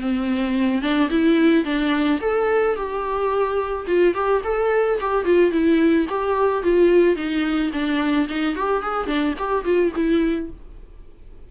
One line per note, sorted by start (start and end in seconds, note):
0.00 0.82 C4
0.82 1.09 D4
1.10 1.64 E4
1.64 2.20 D4
2.21 2.75 A4
2.75 3.86 G4
3.87 4.14 F4
4.14 4.41 G4
4.44 4.99 A4
5.00 5.25 G4
5.25 5.51 F4
5.51 6.06 E4
6.09 6.63 G4
6.63 7.16 F4
7.16 7.71 D#4
7.73 8.28 D4
8.28 8.55 D#4
8.55 8.82 G4
8.82 9.07 G#4
9.07 9.34 D4
9.38 9.64 G4
9.64 9.92 F4
9.95 10.50 E4